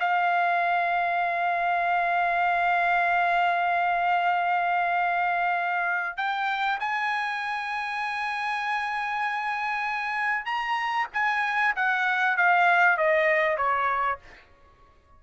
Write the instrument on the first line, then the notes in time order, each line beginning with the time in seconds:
trumpet
0.00 F5
6.17 G5
6.80 G#5
10.45 A#5
11.13 G#5
11.76 F#5
12.37 F5
12.98 D#5
13.57 C#5